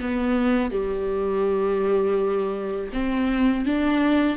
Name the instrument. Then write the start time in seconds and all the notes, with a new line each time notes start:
viola
0.00 B3
0.71 G3
2.92 C4
3.66 D4